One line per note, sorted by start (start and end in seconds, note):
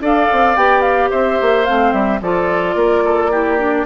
0.00 0.28 D4
0.00 0.56 A4
0.00 1.10 D5
0.00 0.56 F5
0.31 0.55 C4
0.55 1.10 B3
0.55 1.65 G4
0.55 0.81 G5
0.81 1.08 F5
1.10 1.39 C4
1.10 2.20 C5
1.10 1.65 E5
1.41 1.68 A#3
1.65 1.92 A3
1.65 2.20 C4
1.65 1.92 F5
1.92 2.20 G3
1.92 2.20 E5
2.20 2.75 F3
2.20 3.31 F4
2.20 2.75 A4
2.20 3.86 D5
2.75 3.85 A#3
2.75 3.02 A#4
3.04 3.31 A4
3.31 3.58 E4
3.31 3.86 G4
3.58 3.85 D4